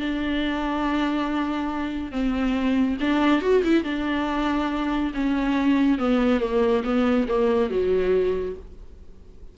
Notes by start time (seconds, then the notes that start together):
0.00 D4
2.12 C4
3.01 D4
3.42 F#4
3.64 E4
3.84 D4
5.14 C#4
5.99 B3
6.41 A#3
6.84 B3
7.29 A#3
7.70 F#3